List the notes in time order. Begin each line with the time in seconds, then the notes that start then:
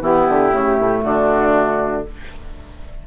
0.00 E3 B3 E4 G4
0.28 D3
0.51 C#3 A3
0.79 A2
1.01 D3 D4 F#4